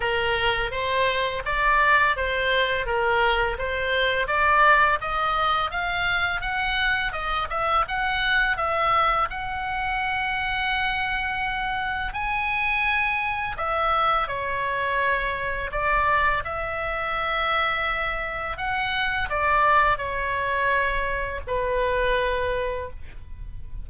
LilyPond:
\new Staff \with { instrumentName = "oboe" } { \time 4/4 \tempo 4 = 84 ais'4 c''4 d''4 c''4 | ais'4 c''4 d''4 dis''4 | f''4 fis''4 dis''8 e''8 fis''4 | e''4 fis''2.~ |
fis''4 gis''2 e''4 | cis''2 d''4 e''4~ | e''2 fis''4 d''4 | cis''2 b'2 | }